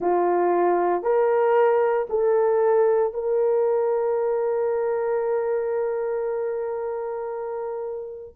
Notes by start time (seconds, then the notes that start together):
0.00 F4
1.02 A#4
2.09 A4
3.13 A#4